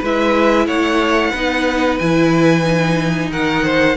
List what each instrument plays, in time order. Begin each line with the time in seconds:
0.00 cello G#3, viola E4, violin B4 E5
0.67 cello A3, violin C#5 F#5
1.31 cello B3, viola D#4, violin B4
1.98 cello E3, viola E4, violin G#5
2.63 viola D#4
3.30 cello D#3, violin A#4 F#5
3.64 violin C5